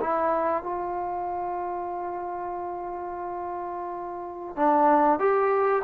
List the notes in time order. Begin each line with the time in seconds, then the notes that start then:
0.00 E4
0.63 F4
4.56 D4
5.19 G4